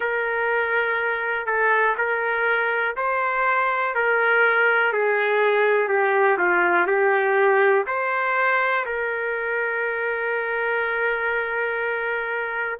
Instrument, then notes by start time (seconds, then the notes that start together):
trumpet
0.00 A#4
1.46 A4
1.97 A#4
2.96 C5
3.94 A#4
4.92 G#4
5.88 G4
6.38 F4
6.86 G4
7.86 C5
8.85 A#4